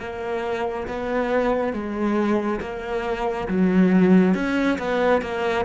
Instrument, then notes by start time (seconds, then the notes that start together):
cello
0.00 A#3
0.87 B3
1.73 G#3
2.60 A#3
3.48 F#3
4.34 C#4
4.78 B3
5.21 A#3